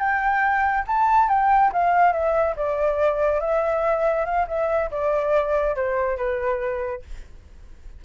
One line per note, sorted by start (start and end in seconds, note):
0.00 0.85 G5
0.87 1.29 A5
1.29 1.72 G5
1.73 2.13 F5
2.13 2.56 E5
2.56 3.41 D5
3.41 4.26 E5
4.26 4.47 F5
4.48 4.91 E5
4.91 5.76 D5
5.76 6.18 C5
6.18 7.03 B4